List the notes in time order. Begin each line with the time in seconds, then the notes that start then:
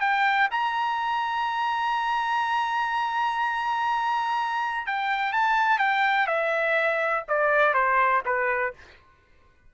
0.00 G5
0.51 A#5
4.86 G5
5.32 A5
5.79 G5
6.27 E5
7.28 D5
7.74 C5
8.25 B4